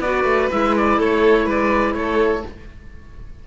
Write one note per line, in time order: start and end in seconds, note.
0.00 0.24 B3
0.00 0.51 F#4
0.00 0.99 B4
0.00 0.50 D5
0.24 0.49 A3
0.51 0.99 G#3
0.51 2.44 E4
0.51 0.75 E5
0.77 1.01 D5
0.99 1.46 A3
0.99 1.46 A4
0.99 1.49 C#5
1.46 1.94 G#3
1.46 1.94 B4
1.46 1.94 D5
1.94 2.43 A3
1.94 2.47 A4
1.94 2.43 C#5